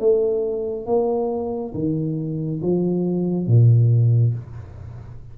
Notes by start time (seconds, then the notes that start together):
0.00 A3
0.86 A#3
1.74 D#3
2.62 F3
3.47 A#2